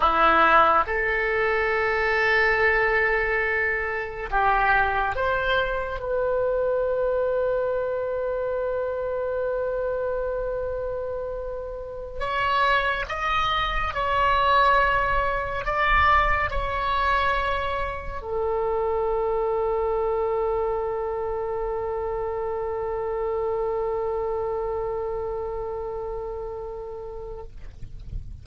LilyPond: \new Staff \with { instrumentName = "oboe" } { \time 4/4 \tempo 4 = 70 e'4 a'2.~ | a'4 g'4 c''4 b'4~ | b'1~ | b'2~ b'16 cis''4 dis''8.~ |
dis''16 cis''2 d''4 cis''8.~ | cis''4~ cis''16 a'2~ a'8.~ | a'1~ | a'1 | }